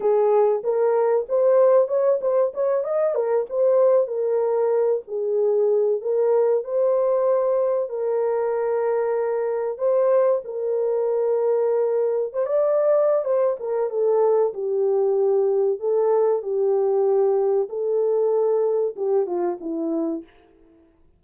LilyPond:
\new Staff \with { instrumentName = "horn" } { \time 4/4 \tempo 4 = 95 gis'4 ais'4 c''4 cis''8 c''8 | cis''8 dis''8 ais'8 c''4 ais'4. | gis'4. ais'4 c''4.~ | c''8 ais'2. c''8~ |
c''8 ais'2. c''16 d''16~ | d''4 c''8 ais'8 a'4 g'4~ | g'4 a'4 g'2 | a'2 g'8 f'8 e'4 | }